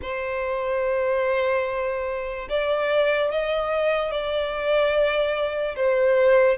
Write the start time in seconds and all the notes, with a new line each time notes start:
0.01 C5
2.49 D5
3.31 D#5
4.11 D5
5.75 C5